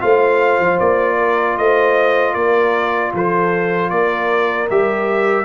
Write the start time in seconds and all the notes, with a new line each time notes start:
0.00 A3 F4 C5 F5
0.59 F3
0.79 A#3 D5
1.17 A#4
1.57 A3 C5 D#5
2.32 A#3 A#4 D5
3.13 F3 A4 C5
3.90 A#3 A#4 D5
4.70 G3 G4 E5